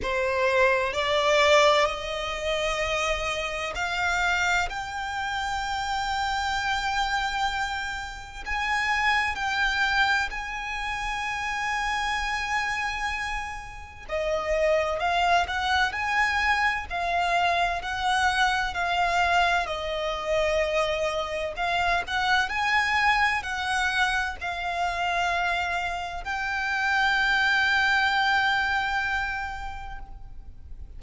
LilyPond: \new Staff \with { instrumentName = "violin" } { \time 4/4 \tempo 4 = 64 c''4 d''4 dis''2 | f''4 g''2.~ | g''4 gis''4 g''4 gis''4~ | gis''2. dis''4 |
f''8 fis''8 gis''4 f''4 fis''4 | f''4 dis''2 f''8 fis''8 | gis''4 fis''4 f''2 | g''1 | }